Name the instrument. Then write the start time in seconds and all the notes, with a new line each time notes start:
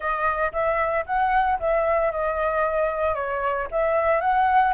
flute
0.00 D#5
0.52 E5
1.06 F#5
1.59 E5
2.11 D#5
3.15 C#5
3.71 E5
4.21 F#5